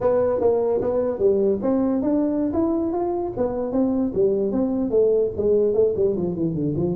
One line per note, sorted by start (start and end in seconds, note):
0.00 0.40 B3
0.40 0.80 A#3
0.81 1.18 B3
1.18 1.59 G3
1.61 2.02 C4
2.02 2.52 D4
2.53 2.92 E4
2.92 3.33 F4
3.37 3.72 B3
3.72 4.12 C4
4.14 4.52 G3
4.52 4.90 C4
4.90 5.30 A3
5.37 5.74 G#3
5.74 5.94 A3
5.96 6.16 G3
6.16 6.35 F3
6.35 6.54 E3
6.54 6.74 D3
6.76 6.96 F3